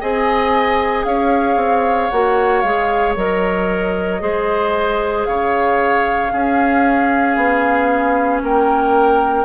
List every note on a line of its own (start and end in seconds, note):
0.00 1.05 C4
0.00 2.11 G#4
0.00 1.05 D#5
0.00 1.04 G#5
1.04 1.56 C#4
1.04 4.22 C#5
1.04 2.10 F5
1.56 2.09 C4
2.10 2.63 A#3
2.10 2.64 F#4
2.10 2.61 F#5
2.61 3.16 G#3
2.61 3.16 G#4
2.61 3.13 F5
3.16 4.21 F#3
3.16 4.20 A#4
3.16 5.24 D#5
4.20 5.26 G#3
4.20 6.30 G#4
4.20 5.27 C5
5.24 6.32 C#3
5.24 6.32 C#5
5.24 8.40 F5
6.30 9.45 C#4
6.30 7.36 C#4
6.30 8.43 G#4
7.36 8.41 B3
8.42 9.45 A#3
8.42 9.45 A#4
8.42 9.45 G5